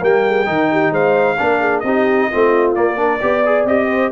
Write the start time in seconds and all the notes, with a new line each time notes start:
0.00 G3 A#3 A#4 G5
0.28 G#4
0.45 D#3 D#4 A#4
0.72 G4
0.91 G#3 C5 F5
1.38 A#3 D4 A#4
1.61 G#4
1.80 C4 G4 D#5
1.86 D#4
2.31 A3 C4 F4
2.75 A#3 D5
2.97 D4 A#4
3.19 B3 G4 D5
3.46 G#4
3.65 C4 G4 D#5
3.89 C5